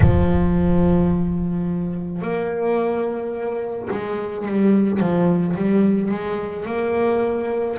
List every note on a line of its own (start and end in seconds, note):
0.00 2.21 F3
2.21 3.88 A#3
3.90 4.45 G#3
4.45 4.99 G3
4.99 5.55 F3
5.55 6.11 G3
6.11 6.65 G#3
6.65 7.76 A#3